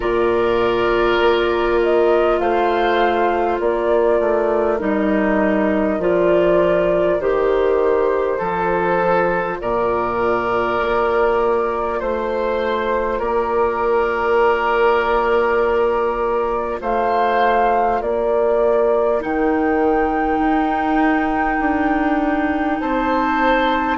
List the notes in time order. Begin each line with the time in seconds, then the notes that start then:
0.00 A#2 F4 A#4 D5
1.19 A#3
1.82 D#5
2.39 A3 C5 F5
3.59 A#3 A#4 D5
4.20 A3
4.79 G3 D#4 D#5
5.99 F3 F4 D5
7.19 D#3 G4 C5
8.37 F3 F4 A4
9.60 A#2 A#4 D5
10.80 A#3
11.99 A3 C5
13.19 A#3 A#4 D5
16.81 A3 C5 F5
18.01 A#3 A#4 D5
19.19 D#3 D#4 G5
20.39 D#4
21.60 D4
22.79 C4 C5 A5